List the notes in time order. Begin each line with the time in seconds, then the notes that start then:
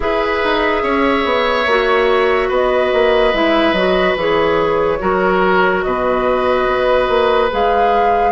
0.00 E4 G#4 B4 E5
0.43 D#4
0.83 C#4 C#5
1.24 B3
1.65 A#3 F#4
2.48 B3 B4 D#5
2.93 A#3
3.33 G#3 E4 E5
3.72 F#3 F#4 D#5
4.15 E3 G#4 C#5
4.98 F#3 F#4 A#4
5.82 B2 B4 D#5
6.67 B3
7.08 A#3
7.50 G#3 G#4 F5